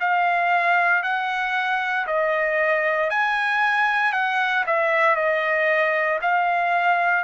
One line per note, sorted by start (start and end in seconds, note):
0.00 1.03 F5
1.03 2.07 F#5
2.07 3.10 D#5
3.10 4.13 G#5
4.13 4.65 F#5
4.66 5.16 E5
5.16 6.19 D#5
6.22 7.25 F5